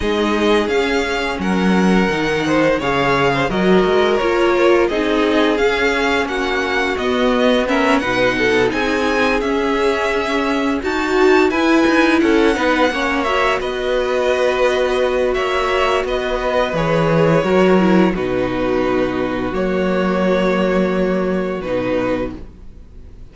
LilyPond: <<
  \new Staff \with { instrumentName = "violin" } { \time 4/4 \tempo 4 = 86 dis''4 f''4 fis''2 | f''4 dis''4 cis''4 dis''4 | f''4 fis''4 dis''4 e''8 fis''8~ | fis''8 gis''4 e''2 a''8~ |
a''8 gis''4 fis''4. e''8 dis''8~ | dis''2 e''4 dis''4 | cis''2 b'2 | cis''2. b'4 | }
  \new Staff \with { instrumentName = "violin" } { \time 4/4 gis'2 ais'4. c''8 | cis''8. c''16 ais'2 gis'4~ | gis'4 fis'2 ais'8 b'8 | a'8 gis'2. fis'8~ |
fis'8 b'4 a'8 b'8 cis''4 b'8~ | b'2 cis''4 b'4~ | b'4 ais'4 fis'2~ | fis'1 | }
  \new Staff \with { instrumentName = "viola" } { \time 4/4 dis'4 cis'2 dis'4 | gis'4 fis'4 f'4 dis'4 | cis'2 b4 cis'8 dis'8~ | dis'4. cis'2 fis'8~ |
fis'8 e'4. dis'8 cis'8 fis'4~ | fis'1 | gis'4 fis'8 e'8 dis'2 | ais2. dis'4 | }
  \new Staff \with { instrumentName = "cello" } { \time 4/4 gis4 cis'4 fis4 dis4 | cis4 fis8 gis8 ais4 c'4 | cis'4 ais4 b4. b,8~ | b,8 c'4 cis'2 dis'8~ |
dis'8 e'8 dis'8 cis'8 b8 ais4 b8~ | b2 ais4 b4 | e4 fis4 b,2 | fis2. b,4 | }
>>